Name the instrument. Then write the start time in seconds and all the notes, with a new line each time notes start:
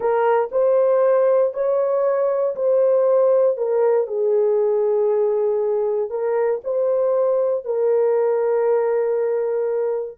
horn
0.00 A#4
0.51 C5
1.53 C#5
2.55 C5
3.57 A#4
4.07 G#4
6.09 A#4
6.64 C5
7.64 A#4